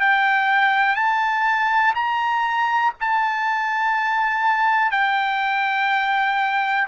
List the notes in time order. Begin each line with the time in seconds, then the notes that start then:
0.00 G5
0.96 A5
1.95 A#5
3.00 A5
4.91 G5